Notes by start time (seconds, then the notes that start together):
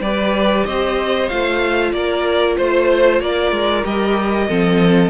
0.00 G3 G4 B4 D5
0.65 C4 C5 D#5
1.28 A3 F4 F5
1.93 A#3 A#4 D5
2.57 A3 C5
3.20 A#3 A#4 D5
3.52 G#3
3.84 G3 G4 D#5
4.48 F3 C4 A4